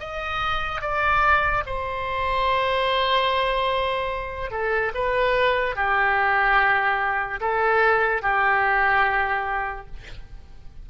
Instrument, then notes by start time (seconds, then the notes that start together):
oboe
0.00 D#5
0.81 D5
1.66 C5
4.51 A4
4.95 B4
5.76 G4
7.40 A4
8.22 G4